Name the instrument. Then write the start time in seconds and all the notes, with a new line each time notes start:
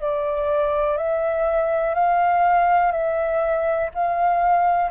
flute
0.00 D5
0.97 E5
1.94 F5
2.92 E5
3.94 F5